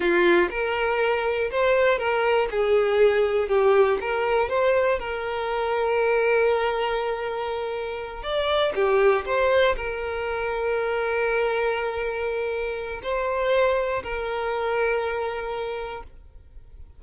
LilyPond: \new Staff \with { instrumentName = "violin" } { \time 4/4 \tempo 4 = 120 f'4 ais'2 c''4 | ais'4 gis'2 g'4 | ais'4 c''4 ais'2~ | ais'1~ |
ais'8 d''4 g'4 c''4 ais'8~ | ais'1~ | ais'2 c''2 | ais'1 | }